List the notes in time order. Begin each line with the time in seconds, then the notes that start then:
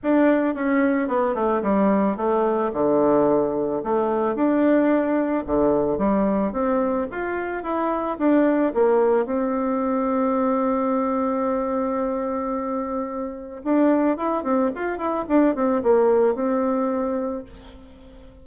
0.03 D4
0.54 C#4
1.08 B3
1.34 A3
1.62 G3
2.16 A3
2.73 D3
3.83 A3
4.35 D4
5.46 D3
5.98 G3
6.52 C4
7.11 F4
7.63 E4
8.18 D4
8.74 A#3
9.25 C4
13.63 D4
14.17 E4
14.43 C4
14.75 F4
14.98 E4
15.28 D4
15.55 C4
15.82 A#3
16.35 C4